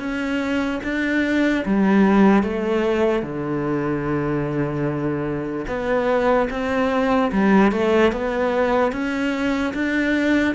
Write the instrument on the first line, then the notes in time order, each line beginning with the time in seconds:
cello
0.00 C#4
0.84 D4
1.66 G3
2.44 A3
3.23 D3
5.68 B3
6.51 C4
7.33 G3
7.72 A3
8.13 B3
8.93 C#4
9.74 D4